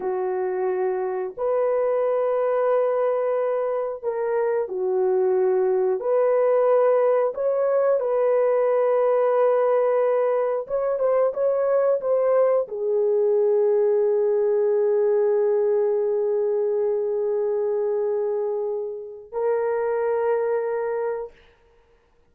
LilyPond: \new Staff \with { instrumentName = "horn" } { \time 4/4 \tempo 4 = 90 fis'2 b'2~ | b'2 ais'4 fis'4~ | fis'4 b'2 cis''4 | b'1 |
cis''8 c''8 cis''4 c''4 gis'4~ | gis'1~ | gis'1~ | gis'4 ais'2. | }